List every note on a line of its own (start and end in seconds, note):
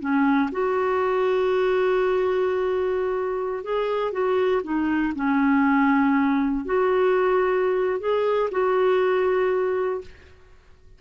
0.00 0.50 C#4
0.52 3.64 F#4
3.64 4.12 G#4
4.12 4.62 F#4
4.63 5.13 D#4
5.15 6.65 C#4
6.65 8.00 F#4
8.00 8.50 G#4
8.51 10.01 F#4